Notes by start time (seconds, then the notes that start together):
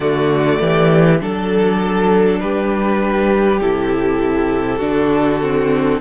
0.00 D3 A3 F#4 D5
0.60 E3 G4
1.20 F#3 D4 A4
2.40 G3 G4 B4
3.60 C3 E4 A4
4.79 D3 D4 F#4
5.42 C4